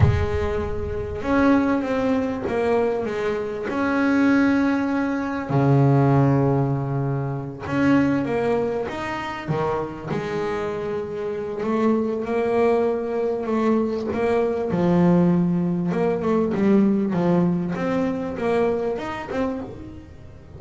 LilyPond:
\new Staff \with { instrumentName = "double bass" } { \time 4/4 \tempo 4 = 98 gis2 cis'4 c'4 | ais4 gis4 cis'2~ | cis'4 cis2.~ | cis8 cis'4 ais4 dis'4 dis8~ |
dis8 gis2~ gis8 a4 | ais2 a4 ais4 | f2 ais8 a8 g4 | f4 c'4 ais4 dis'8 c'8 | }